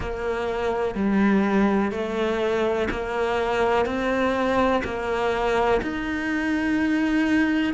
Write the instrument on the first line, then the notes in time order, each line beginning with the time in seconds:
cello
0.00 A#3
0.95 G3
1.91 A3
2.90 A#3
3.85 C4
4.84 A#3
5.82 D#4